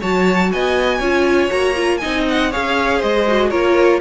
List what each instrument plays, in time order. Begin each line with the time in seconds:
0.00 cello F#3, viola F#4, violin C#5 A5
0.52 cello B3, violin D#5 G#5
0.98 cello C#4, viola F4, violin C#5
1.49 cello A#3, viola F#4, violin A#5
1.76 viola F4
1.97 viola D#4, violin D#5 G#5
2.05 cello C4
2.29 violin F#5
2.51 cello C#4, viola G#4, violin C#5 F5
2.97 cello G#3, violin C5 D#5
3.27 viola F#4
3.50 cello A#3, viola F4, violin A#4 C#5